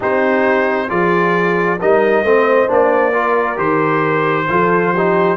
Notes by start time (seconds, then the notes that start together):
0.00 C4 D#4 G4 C5
0.88 F3 F4 G#4 D5
1.79 G3 D#4 A#4 D#5
2.23 A3 C4 C5
2.67 A#3 D4 D5
3.11 F4 A#4
3.55 D#3 G4 C5
4.49 F3 F4 A4
4.93 D#4 G4